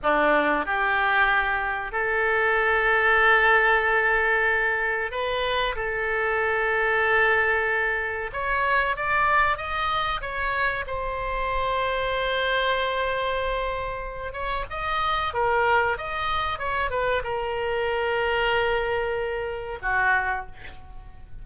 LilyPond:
\new Staff \with { instrumentName = "oboe" } { \time 4/4 \tempo 4 = 94 d'4 g'2 a'4~ | a'1 | b'4 a'2.~ | a'4 cis''4 d''4 dis''4 |
cis''4 c''2.~ | c''2~ c''8 cis''8 dis''4 | ais'4 dis''4 cis''8 b'8 ais'4~ | ais'2. fis'4 | }